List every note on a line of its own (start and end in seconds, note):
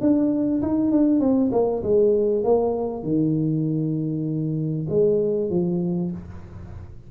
0.00 0.61 D4
0.62 0.91 D#4
0.91 1.20 D4
1.20 1.50 C4
1.52 1.82 A#3
1.83 2.44 G#3
2.44 3.03 A#3
3.03 4.86 D#3
4.89 5.50 G#3
5.50 6.11 F3